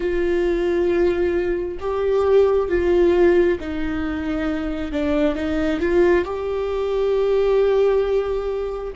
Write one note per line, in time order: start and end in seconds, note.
0.00 1.77 F4
1.80 2.68 G4
2.68 3.58 F4
3.59 4.92 D#4
4.92 5.35 D4
5.35 5.80 D#4
5.80 6.24 F4
6.24 8.93 G4